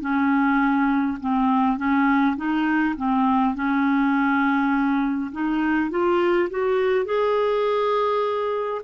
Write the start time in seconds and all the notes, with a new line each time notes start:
0.00 C#4
1.20 C4
1.77 C#4
2.36 D#4
2.96 C4
3.55 C#4
5.32 D#4
5.90 F4
6.50 F#4
7.05 G#4